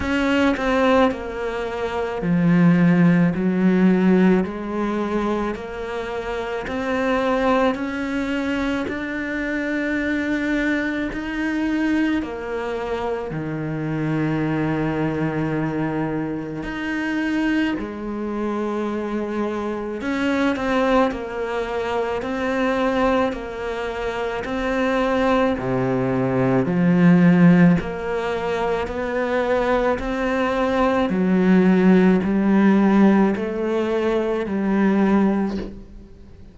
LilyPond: \new Staff \with { instrumentName = "cello" } { \time 4/4 \tempo 4 = 54 cis'8 c'8 ais4 f4 fis4 | gis4 ais4 c'4 cis'4 | d'2 dis'4 ais4 | dis2. dis'4 |
gis2 cis'8 c'8 ais4 | c'4 ais4 c'4 c4 | f4 ais4 b4 c'4 | fis4 g4 a4 g4 | }